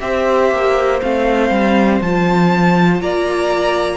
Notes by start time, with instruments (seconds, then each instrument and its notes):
0.00 cello C4, viola G4, violin C5 E5
0.52 cello A#3
1.02 cello A3, viola C4, violin F5
1.50 cello G3
2.01 cello F3, viola F4, violin A5
3.01 cello A#3, violin D5 A#5